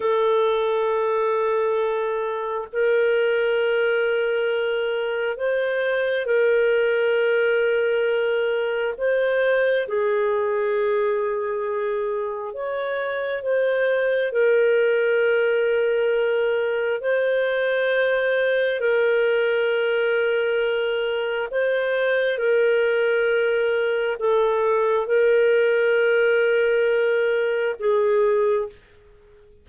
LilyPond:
\new Staff \with { instrumentName = "clarinet" } { \time 4/4 \tempo 4 = 67 a'2. ais'4~ | ais'2 c''4 ais'4~ | ais'2 c''4 gis'4~ | gis'2 cis''4 c''4 |
ais'2. c''4~ | c''4 ais'2. | c''4 ais'2 a'4 | ais'2. gis'4 | }